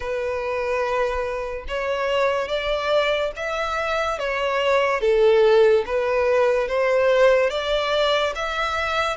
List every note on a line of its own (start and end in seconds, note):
0.00 1.65 B4
1.67 2.48 C#5
2.48 3.31 D5
3.36 4.19 E5
4.19 5.00 C#5
5.00 5.84 A4
5.86 6.67 B4
6.67 7.50 C5
7.50 8.33 D5
8.35 9.16 E5